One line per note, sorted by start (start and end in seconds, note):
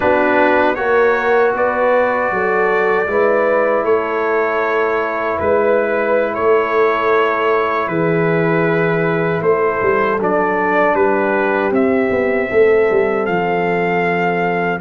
0.00 0.77 B3
0.00 0.75 D4
0.00 0.77 F#4
0.00 0.75 B4
0.75 1.54 A#3
0.75 3.06 F#4
0.75 1.55 A#4
0.75 1.51 C#5
1.54 2.31 B3
1.54 2.32 B4
1.54 3.85 D5
2.31 3.07 F#3
2.31 3.09 A4
3.07 3.84 G#3
3.07 10.18 E4
3.07 3.84 B4
3.84 5.38 A3
3.84 5.37 A4
3.84 5.38 C#5
5.37 6.36 G#3
5.37 6.33 B4
5.37 6.34 B4
6.34 7.87 A3
6.34 7.88 A4
6.34 7.88 C#5
7.87 9.41 E3
7.87 9.42 G#4
7.87 9.42 B4
9.41 9.79 A3
9.41 10.96 A4
9.41 10.19 C5
9.81 10.19 G3
10.19 10.94 F#3
10.19 11.73 D4
10.19 10.95 D5
10.94 11.71 G3
10.94 12.49 G4
10.94 11.72 B4
11.71 12.09 C4
11.71 14.80 C4
11.71 13.25 E5
12.10 12.48 B3
12.49 12.89 A3
12.49 14.79 A4
12.90 13.27 G3
13.25 14.80 F3
13.25 14.79 F5